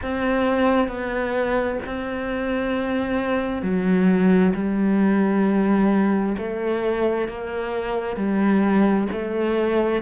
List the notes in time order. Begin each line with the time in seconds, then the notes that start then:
0.02 C4
0.88 B3
1.86 C4
3.62 F#3
4.54 G3
6.37 A3
7.28 A#3
8.16 G3
9.12 A3